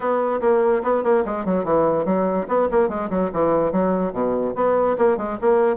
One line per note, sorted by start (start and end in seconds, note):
0.00 0.40 B3
0.40 0.82 A#3
0.83 1.03 B3
1.03 1.24 A#3
1.25 1.45 G#3
1.45 1.64 F#3
1.64 2.05 E3
2.05 2.46 F#3
2.48 2.68 B3
2.71 2.88 A#3
2.88 3.09 G#3
3.09 3.30 F#3
3.32 3.72 E3
3.72 4.12 F#3
4.12 4.54 B2
4.55 4.96 B3
4.98 5.17 A#3
5.17 5.37 G#3
5.41 5.76 A#3